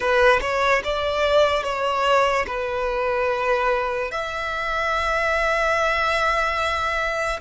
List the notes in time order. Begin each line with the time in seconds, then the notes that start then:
0.00 B4
0.40 C#5
0.84 D5
1.63 C#5
2.47 B4
4.11 E5